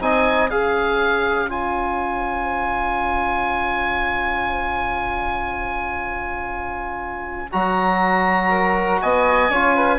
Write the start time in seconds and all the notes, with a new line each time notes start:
0.00 C4 D#4 D#5 G#5
0.50 C#4 G#4 C#5 F5
1.49 F4 G#5
7.51 F#3 F#4 A#5
8.49 A#4
9.01 B3 D#5 G#5
9.49 C#4 F4 C#5
9.75 B4